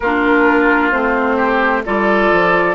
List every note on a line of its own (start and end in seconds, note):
0.00 0.92 A#3
0.00 0.92 D4
0.00 1.36 F4
0.00 0.90 A#4
0.90 1.85 A3
0.90 1.84 C4
0.90 1.83 C5
1.36 1.82 G4
1.85 2.32 G3
1.85 2.75 F4
1.85 2.75 A4
1.85 2.75 D5
2.32 2.75 F3